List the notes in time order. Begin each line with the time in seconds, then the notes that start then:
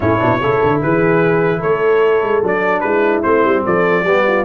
0.00 A2 C#4 E4 C#5
0.18 B2 D4
0.40 C#3 E4 A4
0.62 D3
0.82 E3 G#4 B4
1.59 A3 A4 C#5
2.21 G#3
2.43 F#3 D4 D5
2.80 G#3 E4 B4
3.22 A3 C4 C5
3.44 G3
3.65 F3 A4 D5
4.04 G3 B3 G4
4.27 F4